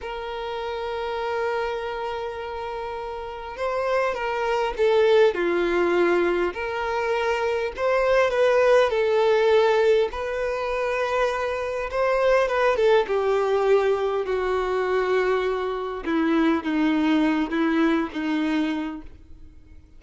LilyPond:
\new Staff \with { instrumentName = "violin" } { \time 4/4 \tempo 4 = 101 ais'1~ | ais'2 c''4 ais'4 | a'4 f'2 ais'4~ | ais'4 c''4 b'4 a'4~ |
a'4 b'2. | c''4 b'8 a'8 g'2 | fis'2. e'4 | dis'4. e'4 dis'4. | }